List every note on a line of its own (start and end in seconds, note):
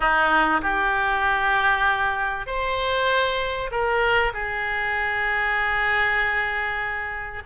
0.00 0.61 D#4
0.62 2.46 G4
2.46 3.70 C5
3.71 4.32 A#4
4.33 7.43 G#4